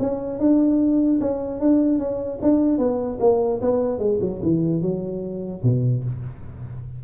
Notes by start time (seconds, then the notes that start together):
0.00 C#4
0.40 D4
1.21 C#4
1.61 D4
1.99 C#4
2.43 D4
2.79 B3
3.21 A#3
3.62 B3
3.99 G#3
4.21 F#3
4.43 E3
4.82 F#3
5.64 B2